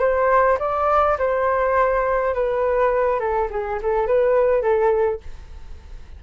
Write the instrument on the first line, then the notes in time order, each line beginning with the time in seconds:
flute
0.00 C5
0.60 D5
1.19 C5
2.34 B4
3.20 A4
3.51 G#4
3.83 A4
4.07 B4
4.62 A4